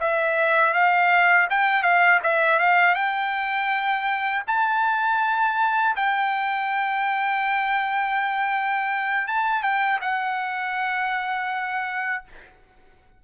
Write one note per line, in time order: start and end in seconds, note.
0.00 0.74 E5
0.74 1.48 F5
1.50 1.83 G5
1.83 2.20 F5
2.23 2.60 E5
2.60 2.95 F5
2.95 4.43 G5
4.47 5.96 A5
5.96 9.28 G5
9.28 9.63 A5
9.63 10.00 G5
10.01 12.24 F#5